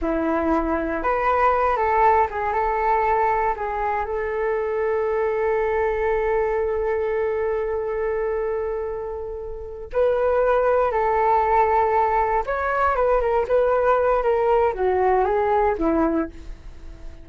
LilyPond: \new Staff \with { instrumentName = "flute" } { \time 4/4 \tempo 4 = 118 e'2 b'4. a'8~ | a'8 gis'8 a'2 gis'4 | a'1~ | a'1~ |
a'2.~ a'8 b'8~ | b'4. a'2~ a'8~ | a'8 cis''4 b'8 ais'8 b'4. | ais'4 fis'4 gis'4 e'4 | }